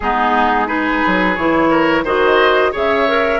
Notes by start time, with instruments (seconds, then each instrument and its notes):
0.00 bassoon G#3, clarinet B3, oboe D#4, flute G#4
0.66 clarinet D#4, oboe G#4, flute B4
1.06 bassoon F#3
1.35 bassoon E3, clarinet E4, flute C#5
1.69 oboe A#4
2.03 bassoon D#3, clarinet F#4, oboe C5, flute D#5
2.72 bassoon C#3, clarinet G#4, oboe C#5, flute E5
3.07 clarinet A#4